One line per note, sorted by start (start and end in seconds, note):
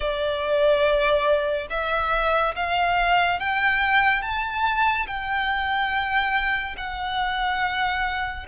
0.00 1.67 D5
1.70 2.54 E5
2.55 3.39 F5
3.39 4.22 G5
4.22 5.06 A5
5.06 6.75 G5
6.77 8.46 F#5